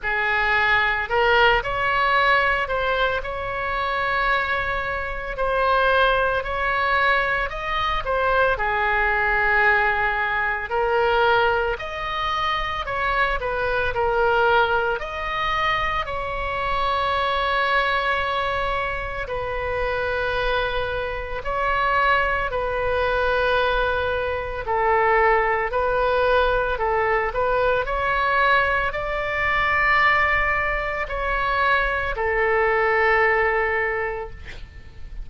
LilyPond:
\new Staff \with { instrumentName = "oboe" } { \time 4/4 \tempo 4 = 56 gis'4 ais'8 cis''4 c''8 cis''4~ | cis''4 c''4 cis''4 dis''8 c''8 | gis'2 ais'4 dis''4 | cis''8 b'8 ais'4 dis''4 cis''4~ |
cis''2 b'2 | cis''4 b'2 a'4 | b'4 a'8 b'8 cis''4 d''4~ | d''4 cis''4 a'2 | }